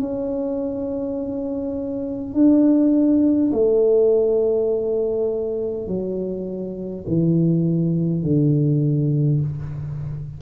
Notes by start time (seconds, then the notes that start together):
0.00 C#4
2.34 D4
3.52 A3
5.87 F#3
7.07 E3
8.23 D3